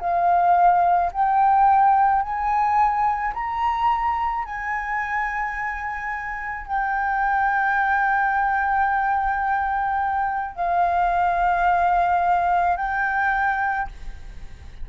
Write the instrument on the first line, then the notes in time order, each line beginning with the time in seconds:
flute
0.00 F5
1.12 G5
2.22 G#5
3.34 A#5
4.45 G#5
6.67 G5
10.56 F5
12.77 G5